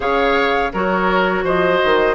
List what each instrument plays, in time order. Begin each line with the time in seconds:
0.00 bassoon C#3, clarinet G#4, oboe C#5, flute F5
0.73 bassoon F#3, clarinet F#4, oboe A#4, flute C#5
1.43 bassoon F3, oboe C5, flute D#5
1.84 bassoon D#3